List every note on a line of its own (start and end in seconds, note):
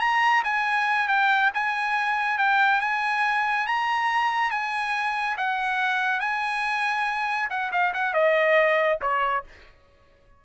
0.00 0.43 A#5
0.44 1.08 G#5
1.08 1.51 G5
1.54 2.38 G#5
2.38 2.81 G5
2.81 3.66 G#5
3.66 4.51 A#5
4.51 5.36 G#5
5.37 6.20 F#5
6.20 7.49 G#5
7.50 7.71 F#5
7.72 7.93 F5
7.93 8.13 F#5
8.13 8.99 D#5
9.01 9.44 C#5